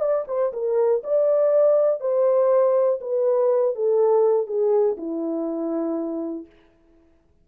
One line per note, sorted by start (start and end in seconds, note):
0.00 0.25 D5
0.27 0.52 C5
0.53 1.02 A#4
1.04 2.00 D5
2.00 3.00 C5
3.01 3.75 B4
3.75 4.47 A4
4.47 4.97 G#4
4.97 6.46 E4